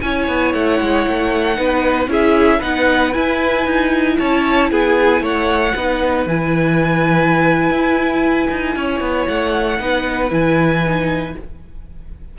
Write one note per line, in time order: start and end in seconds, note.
0.00 0.27 C#4
0.00 1.55 E4
0.00 1.57 C#5
0.00 0.52 G#5
0.27 0.53 B3
0.54 0.80 A3
0.54 2.10 F#5
0.80 1.06 G#3
1.07 1.58 A3
1.55 2.07 B3
1.55 2.07 D#4
1.55 2.10 B4
2.07 2.59 C#4
2.07 2.61 E4
2.07 2.59 G#4
2.07 2.61 E5
2.59 3.15 B3
2.59 3.12 D#4
2.59 4.15 B4
2.59 3.12 F#5
3.12 5.73 E4
3.12 3.66 E4
3.12 4.17 G#5
3.66 4.18 D#4
4.18 4.71 C#4
4.18 4.70 C#5
4.18 4.70 A5
4.70 5.21 B3
4.70 5.22 G#4
4.70 5.24 G#5
5.21 5.73 A3
5.21 5.74 C#5
5.21 6.27 F#5
5.74 6.26 B3
5.74 6.29 D#4
5.74 8.74 B4
6.26 7.69 E3
6.26 9.79 E4
6.26 9.27 G#5
7.70 8.48 E4
8.50 8.75 D#4
8.75 9.00 C#4
8.75 9.80 C#5
9.00 9.26 B3
9.27 9.79 A3
9.27 10.31 F#5
9.79 10.31 B3
9.79 10.29 D#4
9.79 11.37 B4
10.29 11.35 E3
10.29 10.82 E4
10.29 11.37 G#5
10.86 11.38 D#4